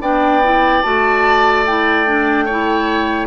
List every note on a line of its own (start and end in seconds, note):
0.00 0.82 B3
0.00 0.42 D4
0.00 2.45 D5
0.00 0.82 G5
0.43 0.83 E4
0.82 3.27 A3
0.82 1.65 F#4
0.82 1.64 A5
1.66 2.06 E4
1.66 3.27 G5
2.06 2.47 D4
2.45 3.27 E4
2.45 3.27 C#5